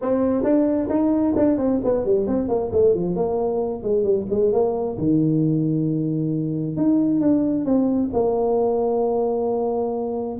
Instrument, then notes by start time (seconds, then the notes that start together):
tuba
0.01 C4
0.43 D4
0.89 D#4
1.36 D4
1.57 C4
1.84 B3
2.05 G3
2.27 C4
2.48 A#3
2.72 A3
2.94 F3
3.15 A#3
3.82 G#3
4.03 G3
4.30 G#3
4.52 A#3
4.97 D#3
6.76 D#4
7.20 D4
7.65 C4
8.13 A#3